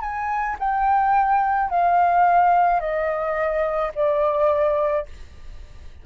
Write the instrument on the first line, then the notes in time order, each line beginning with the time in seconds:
flute
0.00 G#5
0.59 G5
1.69 F5
2.80 D#5
3.94 D5